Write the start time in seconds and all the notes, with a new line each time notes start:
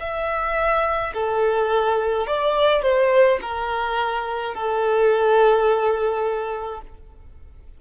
0.00 E5
1.14 A4
2.27 D5
2.83 C5
3.42 A#4
4.54 A4